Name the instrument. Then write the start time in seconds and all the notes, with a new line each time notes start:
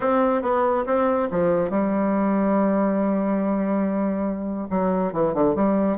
bassoon
0.00 C4
0.42 B3
0.86 C4
1.30 F3
1.70 G3
4.70 F#3
5.13 E3
5.33 D3
5.55 G3